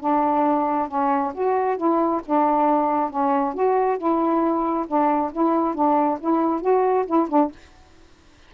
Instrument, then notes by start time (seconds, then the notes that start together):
saxophone
0.00 D4
0.88 C#4
1.34 F#4
1.77 E4
2.26 D4
3.10 C#4
3.54 F#4
3.97 E4
4.87 D4
5.32 E4
5.74 D4
6.20 E4
6.61 F#4
7.06 E4
7.29 D4